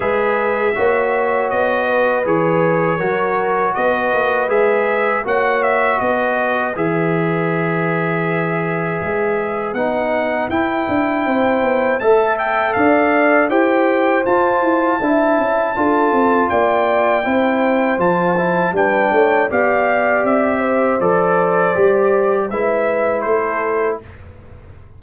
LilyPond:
<<
  \new Staff \with { instrumentName = "trumpet" } { \time 4/4 \tempo 4 = 80 e''2 dis''4 cis''4~ | cis''4 dis''4 e''4 fis''8 e''8 | dis''4 e''2.~ | e''4 fis''4 g''2 |
a''8 g''8 f''4 g''4 a''4~ | a''2 g''2 | a''4 g''4 f''4 e''4 | d''2 e''4 c''4 | }
  \new Staff \with { instrumentName = "horn" } { \time 4/4 b'4 cis''4. b'4. | ais'4 b'2 cis''4 | b'1~ | b'2. c''4 |
e''4 d''4 c''2 | e''4 a'4 d''4 c''4~ | c''4 b'8 cis''8 d''4. c''8~ | c''2 b'4 a'4 | }
  \new Staff \with { instrumentName = "trombone" } { \time 4/4 gis'4 fis'2 gis'4 | fis'2 gis'4 fis'4~ | fis'4 gis'2.~ | gis'4 dis'4 e'2 |
a'2 g'4 f'4 | e'4 f'2 e'4 | f'8 e'8 d'4 g'2 | a'4 g'4 e'2 | }
  \new Staff \with { instrumentName = "tuba" } { \time 4/4 gis4 ais4 b4 e4 | fis4 b8 ais8 gis4 ais4 | b4 e2. | gis4 b4 e'8 d'8 c'8 b8 |
a4 d'4 e'4 f'8 e'8 | d'8 cis'8 d'8 c'8 ais4 c'4 | f4 g8 a8 b4 c'4 | f4 g4 gis4 a4 | }
>>